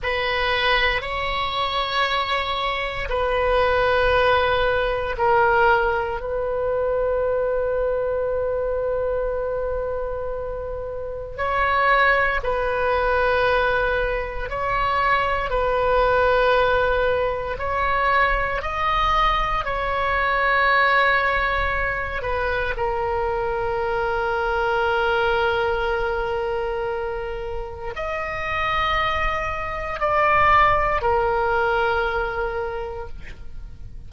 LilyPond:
\new Staff \with { instrumentName = "oboe" } { \time 4/4 \tempo 4 = 58 b'4 cis''2 b'4~ | b'4 ais'4 b'2~ | b'2. cis''4 | b'2 cis''4 b'4~ |
b'4 cis''4 dis''4 cis''4~ | cis''4. b'8 ais'2~ | ais'2. dis''4~ | dis''4 d''4 ais'2 | }